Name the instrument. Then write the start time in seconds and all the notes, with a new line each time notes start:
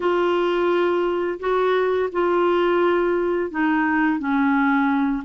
clarinet
0.00 F4
1.39 F#4
2.12 F4
3.51 D#4
4.18 C#4